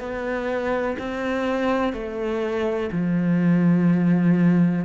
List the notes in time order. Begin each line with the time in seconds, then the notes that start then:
0.00 B3
0.99 C4
1.93 A3
2.92 F3